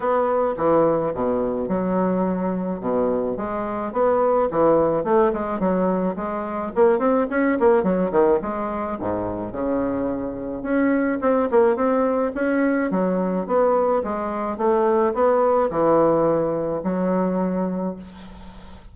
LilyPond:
\new Staff \with { instrumentName = "bassoon" } { \time 4/4 \tempo 4 = 107 b4 e4 b,4 fis4~ | fis4 b,4 gis4 b4 | e4 a8 gis8 fis4 gis4 | ais8 c'8 cis'8 ais8 fis8 dis8 gis4 |
gis,4 cis2 cis'4 | c'8 ais8 c'4 cis'4 fis4 | b4 gis4 a4 b4 | e2 fis2 | }